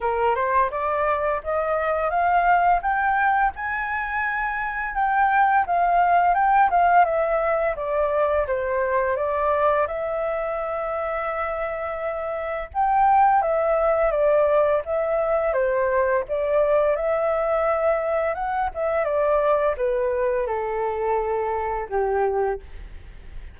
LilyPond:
\new Staff \with { instrumentName = "flute" } { \time 4/4 \tempo 4 = 85 ais'8 c''8 d''4 dis''4 f''4 | g''4 gis''2 g''4 | f''4 g''8 f''8 e''4 d''4 | c''4 d''4 e''2~ |
e''2 g''4 e''4 | d''4 e''4 c''4 d''4 | e''2 fis''8 e''8 d''4 | b'4 a'2 g'4 | }